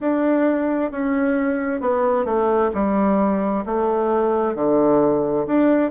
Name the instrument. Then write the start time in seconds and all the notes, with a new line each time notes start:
bassoon
0.00 D4
0.91 C#4
1.80 B3
2.25 A3
2.74 G3
3.65 A3
4.55 D3
5.46 D4